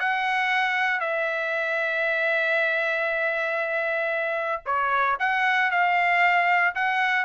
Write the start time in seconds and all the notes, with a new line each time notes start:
0.00 F#5
1.01 E5
4.66 C#5
5.20 F#5
5.71 F5
6.75 F#5